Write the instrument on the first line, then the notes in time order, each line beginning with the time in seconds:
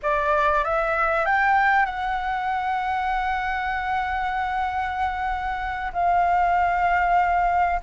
flute
0.02 D5
0.64 E5
1.25 G5
1.85 F#5
5.92 F5